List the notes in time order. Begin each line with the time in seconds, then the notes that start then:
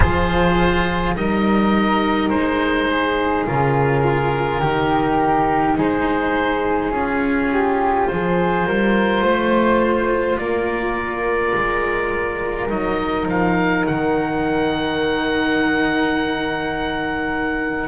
0.00 F3 F4 G#4 C5
1.16 G3 D#4 A#4 D#5
2.29 G#3 C5
2.88 G#4
3.46 C#3 F4 A#4
4.61 D#3 D#4 G4
5.77 G#3 G#4 C5
6.90 C#4 F4 G#4
7.51 G4
8.07 F3 G#4 C5
8.66 G3 A#4
9.21 A3 C5
10.37 A#3 A#4 D5
11.55 G#3
12.69 F#3 D#4 D#5
13.26 F3 F5
13.86 D#3 F#5